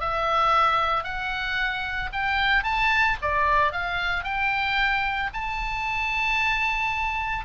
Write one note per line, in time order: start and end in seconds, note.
0.00 1.03 E5
1.03 2.09 F#5
2.12 2.63 G5
2.63 3.16 A5
3.21 3.72 D5
3.72 4.24 F5
4.24 5.30 G5
5.33 7.45 A5